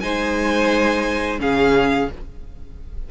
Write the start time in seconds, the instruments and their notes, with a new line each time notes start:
0.00 cello G#3, viola D#4, violin C5 G#5
1.39 cello C#3, viola C#4, violin G#4 F5